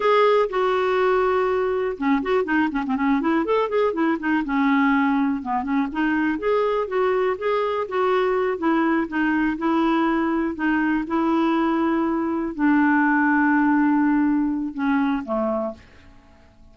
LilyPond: \new Staff \with { instrumentName = "clarinet" } { \time 4/4 \tempo 4 = 122 gis'4 fis'2. | cis'8 fis'8 dis'8 cis'16 c'16 cis'8 e'8 a'8 gis'8 | e'8 dis'8 cis'2 b8 cis'8 | dis'4 gis'4 fis'4 gis'4 |
fis'4. e'4 dis'4 e'8~ | e'4. dis'4 e'4.~ | e'4. d'2~ d'8~ | d'2 cis'4 a4 | }